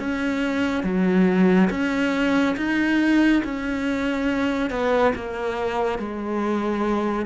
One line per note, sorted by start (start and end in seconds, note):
0.00 0.84 C#4
0.84 1.69 F#3
1.71 2.56 C#4
2.57 3.43 D#4
3.44 4.71 C#4
4.71 5.14 B3
5.15 5.99 A#3
5.99 7.26 G#3